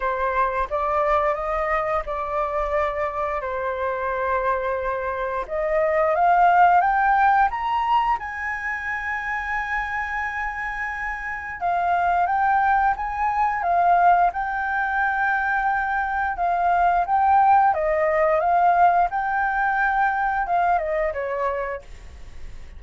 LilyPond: \new Staff \with { instrumentName = "flute" } { \time 4/4 \tempo 4 = 88 c''4 d''4 dis''4 d''4~ | d''4 c''2. | dis''4 f''4 g''4 ais''4 | gis''1~ |
gis''4 f''4 g''4 gis''4 | f''4 g''2. | f''4 g''4 dis''4 f''4 | g''2 f''8 dis''8 cis''4 | }